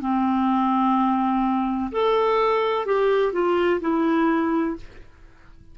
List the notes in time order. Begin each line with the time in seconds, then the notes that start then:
0.00 C4
1.91 A4
2.86 G4
3.32 F4
3.81 E4